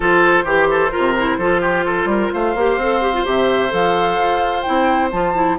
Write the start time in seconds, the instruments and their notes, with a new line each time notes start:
0.00 bassoon F3, clarinet F4, oboe A4, flute C5
0.44 bassoon E3, oboe G4, clarinet G4
0.71 oboe A4
0.90 clarinet F4, oboe A#4
0.97 bassoon C3
1.17 clarinet E4
1.37 bassoon F3, clarinet F4, oboe A4
1.61 oboe G4
1.85 oboe A4
2.05 bassoon G3, oboe A#4
2.33 bassoon A3, oboe C5, flute F5
2.55 bassoon A#3, clarinet G4
2.77 bassoon C4, clarinet A4
3.01 clarinet G4
3.13 clarinet F4
3.24 bassoon C3, clarinet G4, flute E5
3.69 bassoon F3, clarinet A4, flute F5
4.19 bassoon F4
4.62 clarinet E4, flute G5
4.68 bassoon C4
5.11 bassoon F3, clarinet F4, flute A5
5.34 clarinet E4